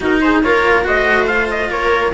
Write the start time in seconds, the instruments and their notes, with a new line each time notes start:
0.00 cello D#4, viola F#4, trumpet A#4
0.20 viola G#4, trumpet C5
0.42 cello A#3 F4, viola A#4, trumpet C#5
0.84 cello A3 F#4, viola C5, trumpet D#5
1.27 cello F4, trumpet F5
1.50 trumpet D#5
1.69 cello A#3, viola A#4, trumpet C#5